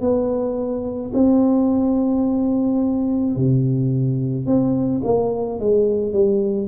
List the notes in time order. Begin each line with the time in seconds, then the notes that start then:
0.00 B3
1.13 C4
3.35 C3
4.45 C4
5.03 A#3
5.59 G#3
6.12 G3